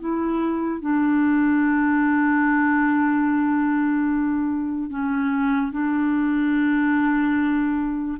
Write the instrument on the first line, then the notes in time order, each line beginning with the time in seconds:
clarinet
0.00 E4
0.81 D4
4.90 C#4
5.72 D4